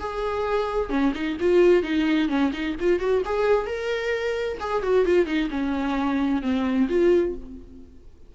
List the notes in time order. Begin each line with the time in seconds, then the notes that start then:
0.00 G#4
0.90 C#4
1.15 D#4
1.41 F4
1.83 D#4
2.29 C#4
2.53 D#4
2.80 F4
3.00 F#4
3.26 G#4
3.67 A#4
4.60 G#4
4.83 F#4
5.06 F4
5.26 D#4
5.51 C#4
6.43 C4
6.89 F4